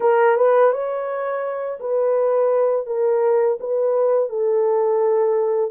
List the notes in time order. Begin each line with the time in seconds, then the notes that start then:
0.00 A#4
0.36 B4
0.72 C#5
1.80 B4
2.86 A#4
3.59 B4
4.29 A4